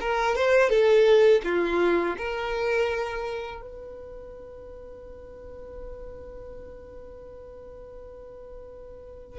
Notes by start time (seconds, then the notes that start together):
0.00 A#4
0.35 C5
0.69 A4
1.44 F4
2.17 A#4
3.61 B4